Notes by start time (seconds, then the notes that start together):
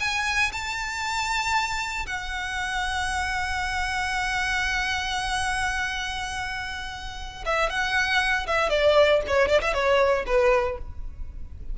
0.00 G#5
0.52 A5
2.06 F#5
7.45 E5
7.69 F#5
8.46 E5
8.69 D5
9.27 C#5
9.48 D5
9.61 E5
9.73 C#5
10.26 B4